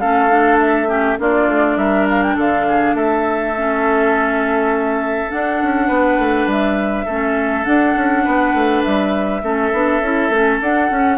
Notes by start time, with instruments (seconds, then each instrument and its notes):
0.00 bassoon A3, clarinet C#4, oboe A4, flute F5
0.30 clarinet D4
0.60 flute E5
0.88 clarinet C#4, oboe G4
1.19 bassoon A#3, clarinet D4, oboe F4, flute D5
1.48 bassoon A3
1.77 bassoon G3, oboe A#4, flute E5
2.09 flute F5
2.23 flute G5
2.36 bassoon D3, oboe A4, flute F5
2.68 oboe G#4
2.94 bassoon A3, oboe A4, flute E5
3.57 clarinet C#4
5.30 clarinet D4, bassoon D4, flute F#5
5.62 bassoon C#4
5.88 bassoon B3, oboe B4
6.19 bassoon A3
6.47 bassoon G3, flute E5
7.05 bassoon A3, clarinet C#4, oboe A4
7.65 clarinet D4, bassoon D4, flute F#5
7.96 bassoon C#4
8.24 bassoon B3, oboe B4
8.54 bassoon A3
8.83 bassoon G3, flute E5
9.43 bassoon A3, clarinet C#4, oboe A4
9.73 bassoon B3, clarinet D4
10.01 bassoon C#4, clarinet E4
10.30 bassoon A3, clarinet C#4
10.61 bassoon D4, clarinet D4, flute F#5
10.91 bassoon C#4, clarinet C#4